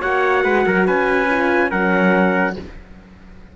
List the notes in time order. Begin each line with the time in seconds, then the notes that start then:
0.00 A#3 F#4 C#5 F#5
0.44 G#3 B4
0.65 F#3 A#4
0.86 C#4 B4 G#5
1.30 F4
1.70 F#3 C#4 A#4 F#5